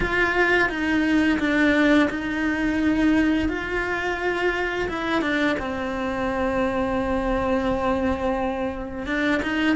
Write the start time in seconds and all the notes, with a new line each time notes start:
0.00 F4
0.68 D#4
1.39 D4
2.09 D#4
3.49 F4
4.88 E4
5.21 D4
5.59 C4
9.06 D4
9.42 D#4